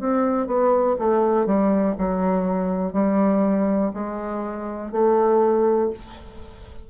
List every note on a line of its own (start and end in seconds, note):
0.00 0.47 C4
0.47 0.96 B3
0.99 1.46 A3
1.46 1.95 G3
1.99 2.93 F#3
2.93 3.91 G3
3.94 4.92 G#3
4.92 5.90 A3